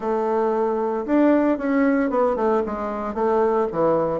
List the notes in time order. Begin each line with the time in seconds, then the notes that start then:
0.00 A3
1.06 D4
1.58 C#4
2.10 B3
2.35 A3
2.66 G#3
3.14 A3
3.72 E3